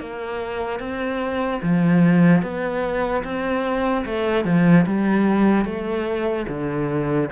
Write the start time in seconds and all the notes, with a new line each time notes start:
0.00 A#3
0.80 C4
1.63 F3
2.43 B3
3.24 C4
4.05 A3
4.45 F3
4.86 G3
5.65 A3
6.49 D3